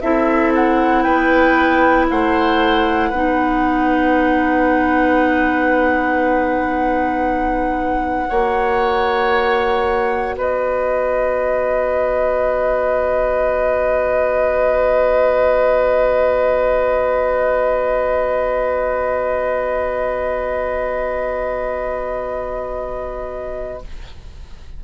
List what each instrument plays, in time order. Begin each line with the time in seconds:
0.00 bassoon C4, clarinet E4, oboe A4, flute E5
0.54 flute F#5
1.02 bassoon B3, oboe B4, flute G5
2.09 bassoon A3, oboe C5, flute F#5
3.10 bassoon B3, clarinet D#4, oboe B4
8.28 bassoon A#3, clarinet F#4, oboe C#5
10.37 bassoon B3, oboe B4, flute D#5